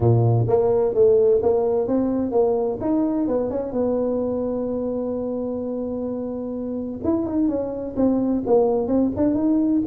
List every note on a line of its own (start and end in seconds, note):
0.00 0.46 A#2
0.48 0.94 A#3
0.94 1.41 A3
1.42 1.87 A#3
1.87 2.31 C4
2.31 2.78 A#3
2.80 3.27 D#4
3.27 3.50 B3
3.50 3.72 C#4
3.72 7.00 B3
7.04 7.25 E4
7.25 7.48 D#4
7.48 7.95 C#4
7.96 8.43 C4
8.46 8.87 A#3
8.87 9.11 C4
9.16 9.34 D4
9.34 9.81 D#4